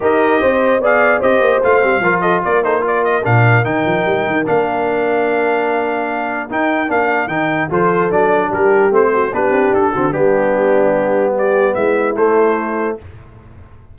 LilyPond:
<<
  \new Staff \with { instrumentName = "trumpet" } { \time 4/4 \tempo 4 = 148 dis''2 f''4 dis''4 | f''4. dis''8 d''8 c''8 d''8 dis''8 | f''4 g''2 f''4~ | f''1 |
g''4 f''4 g''4 c''4 | d''4 ais'4 c''4 b'4 | a'4 g'2. | d''4 e''4 c''2 | }
  \new Staff \with { instrumentName = "horn" } { \time 4/4 ais'4 c''4 d''4 c''4~ | c''4 ais'8 a'8 ais'8 a'8 ais'4~ | ais'1~ | ais'1~ |
ais'2. a'4~ | a'4 g'4. fis'8 g'4~ | g'8 fis'8 d'2. | g'4 e'2. | }
  \new Staff \with { instrumentName = "trombone" } { \time 4/4 g'2 gis'4 g'4 | f'8 c'8 f'4. dis'8 f'4 | d'4 dis'2 d'4~ | d'1 |
dis'4 d'4 dis'4 f'4 | d'2 c'4 d'4~ | d'8 c'8 b2.~ | b2 a2 | }
  \new Staff \with { instrumentName = "tuba" } { \time 4/4 dis'4 c'4 b4 c'8 ais8 | a8 g8 f4 ais2 | ais,4 dis8 f8 g8 dis8 ais4~ | ais1 |
dis'4 ais4 dis4 f4 | fis4 g4 a4 b8 c'8 | d'8 d8 g2.~ | g4 gis4 a2 | }
>>